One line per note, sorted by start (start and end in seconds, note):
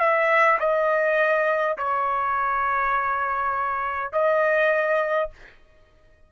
0.00 0.59 E5
0.60 1.78 D#5
1.78 4.13 C#5
4.13 5.30 D#5